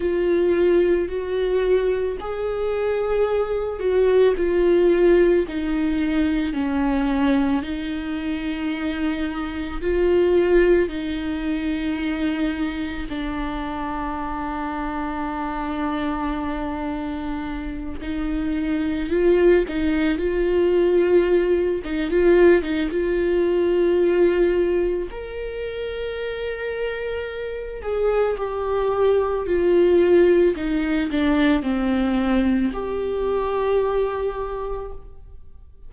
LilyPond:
\new Staff \with { instrumentName = "viola" } { \time 4/4 \tempo 4 = 55 f'4 fis'4 gis'4. fis'8 | f'4 dis'4 cis'4 dis'4~ | dis'4 f'4 dis'2 | d'1~ |
d'8 dis'4 f'8 dis'8 f'4. | dis'16 f'8 dis'16 f'2 ais'4~ | ais'4. gis'8 g'4 f'4 | dis'8 d'8 c'4 g'2 | }